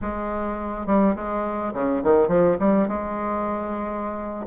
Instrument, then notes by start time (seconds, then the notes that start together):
bassoon
0.01 G#3
0.86 G3
1.15 G#3
1.73 C#3
2.03 D#3
2.28 F3
2.59 G3
2.87 G#3